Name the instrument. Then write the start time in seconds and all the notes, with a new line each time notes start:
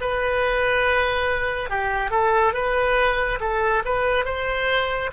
oboe
0.00 B4
1.69 G4
2.10 A4
2.53 B4
3.40 A4
3.85 B4
4.24 C5